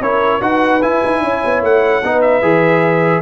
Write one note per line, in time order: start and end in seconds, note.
0.00 0.40 C#4
0.00 0.41 E4
0.00 0.42 A#4
0.00 0.42 C#5
0.41 0.82 D#4
0.41 0.81 F#4
0.41 1.22 B4
0.41 0.82 F#5
0.82 1.02 E4
0.82 2.03 E4
0.82 1.63 G#5
1.05 1.23 D#4
1.23 1.43 C#4
1.23 2.05 C#5
1.44 1.62 B3
1.62 2.02 A3
1.62 2.21 F#5
2.04 2.42 B3
2.04 2.42 D#4
2.04 3.22 B4
2.21 3.22 E5
2.42 3.22 E3
2.42 3.22 G#4